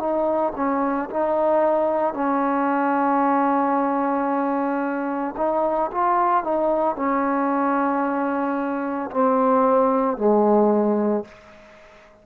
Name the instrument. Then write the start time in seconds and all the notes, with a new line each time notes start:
trombone
0.00 D#4
0.56 C#4
1.11 D#4
2.14 C#4
5.37 D#4
5.92 F4
6.44 D#4
6.96 C#4
9.11 C4
10.18 G#3